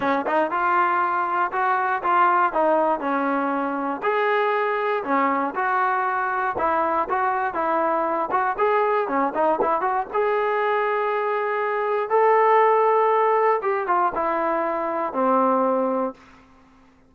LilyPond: \new Staff \with { instrumentName = "trombone" } { \time 4/4 \tempo 4 = 119 cis'8 dis'8 f'2 fis'4 | f'4 dis'4 cis'2 | gis'2 cis'4 fis'4~ | fis'4 e'4 fis'4 e'4~ |
e'8 fis'8 gis'4 cis'8 dis'8 e'8 fis'8 | gis'1 | a'2. g'8 f'8 | e'2 c'2 | }